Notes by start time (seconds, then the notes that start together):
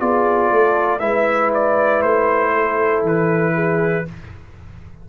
0.00 B3 F4 G#4 D5
0.51 A3 A4
0.99 G#3 E4 B4 E5
1.54 D5
2.02 A3 C5
2.53 A4
3.02 E3 B4
3.54 G#4